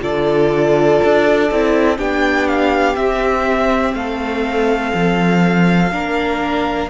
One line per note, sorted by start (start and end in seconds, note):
0.00 1.01 D3
0.00 1.48 F4
0.00 1.98 A4
0.00 1.99 D5
1.05 1.51 D4
1.51 1.99 C4
1.51 1.98 E4
1.98 2.97 B3
1.98 2.96 D4
1.98 3.95 G4
1.98 2.48 G5
2.48 2.96 F5
2.96 5.91 C4
2.96 3.94 C4
2.96 3.94 E5
3.94 4.93 A3
3.94 5.94 A4
3.94 6.90 F5
4.94 5.93 F3
5.92 6.91 A#3
5.92 6.90 D4
5.92 6.91 A#4